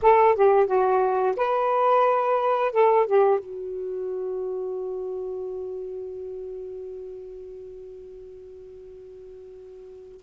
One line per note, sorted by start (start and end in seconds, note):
0.02 0.35 A4
0.35 0.66 G4
0.66 1.35 F#4
1.36 2.72 B4
2.72 3.06 A4
3.06 3.39 G4
3.39 10.21 F#4